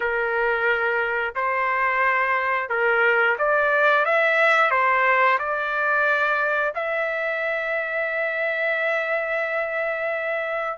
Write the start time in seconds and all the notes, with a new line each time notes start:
0.00 A#4
1.35 C5
2.69 A#4
3.38 D5
4.04 E5
4.70 C5
5.38 D5
6.74 E5